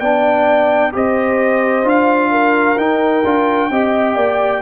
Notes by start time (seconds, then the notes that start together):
0.00 B3 D4 D5 G5
0.93 C4 G4 C5 D#5
1.84 D4 F4 F5
2.32 A#4
2.77 D#4 G5
3.24 D4 F4
3.70 C4 G4 D#5
4.15 A#3 D5